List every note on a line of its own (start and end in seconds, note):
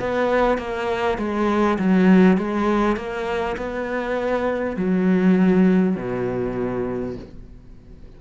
0.00 0.59 B3
0.59 1.18 A#3
1.18 1.78 G#3
1.79 2.38 F#3
2.38 2.97 G#3
2.97 3.57 A#3
3.57 4.77 B3
4.77 5.96 F#3
5.96 7.16 B2